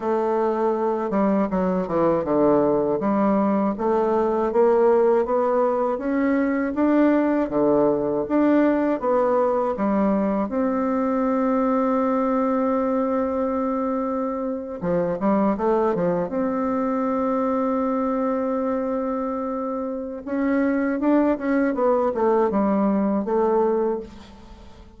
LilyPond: \new Staff \with { instrumentName = "bassoon" } { \time 4/4 \tempo 4 = 80 a4. g8 fis8 e8 d4 | g4 a4 ais4 b4 | cis'4 d'4 d4 d'4 | b4 g4 c'2~ |
c'2.~ c'8. f16~ | f16 g8 a8 f8 c'2~ c'16~ | c'2. cis'4 | d'8 cis'8 b8 a8 g4 a4 | }